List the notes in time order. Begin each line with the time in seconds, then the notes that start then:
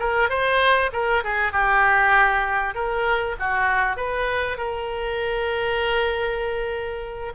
0.00 A#4
0.30 C5
0.93 A#4
1.24 G#4
1.53 G4
2.75 A#4
3.40 F#4
3.97 B4
4.58 A#4